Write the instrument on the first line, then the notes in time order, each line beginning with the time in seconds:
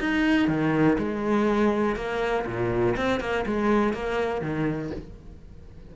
cello
0.00 D#4
0.48 D#3
0.98 G#3
1.96 A#3
2.46 A#2
2.97 C4
3.20 A#3
3.46 G#3
3.94 A#3
4.42 D#3